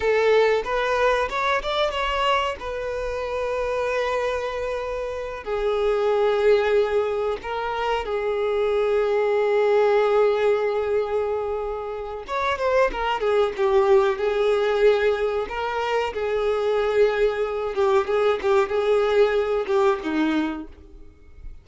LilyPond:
\new Staff \with { instrumentName = "violin" } { \time 4/4 \tempo 4 = 93 a'4 b'4 cis''8 d''8 cis''4 | b'1~ | b'8 gis'2. ais'8~ | ais'8 gis'2.~ gis'8~ |
gis'2. cis''8 c''8 | ais'8 gis'8 g'4 gis'2 | ais'4 gis'2~ gis'8 g'8 | gis'8 g'8 gis'4. g'8 dis'4 | }